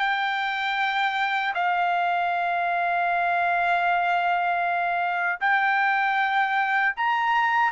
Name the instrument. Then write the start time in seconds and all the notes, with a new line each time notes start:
trumpet
0.00 G5
1.55 F5
5.41 G5
6.97 A#5